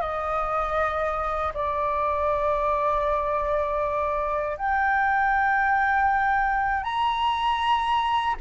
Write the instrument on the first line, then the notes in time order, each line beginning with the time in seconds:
flute
0.00 D#5
1.54 D5
4.57 G5
6.83 A#5